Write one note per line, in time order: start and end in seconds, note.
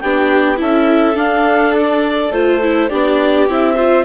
0.00 0.60 B3
0.00 0.56 D4
0.00 0.59 G4
0.00 0.58 G5
0.56 1.14 C#4
0.56 1.14 E4
0.56 2.89 A4
0.56 1.17 E5
1.14 2.30 D4
1.14 2.31 D4
1.14 1.75 F5
1.75 2.32 D5
2.31 2.88 A3
2.31 2.62 F4
2.31 2.89 C5
2.62 2.90 E4
2.89 3.48 B3
2.89 3.47 D4
2.89 3.75 G4
2.89 3.47 D5
3.48 4.05 C4
3.48 3.76 E4
3.48 4.05 E5
3.75 4.05 F4
3.75 4.03 C5